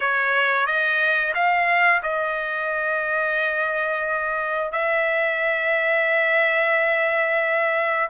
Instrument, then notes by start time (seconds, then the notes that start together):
trumpet
0.00 C#5
0.66 D#5
1.34 F5
2.03 D#5
4.72 E5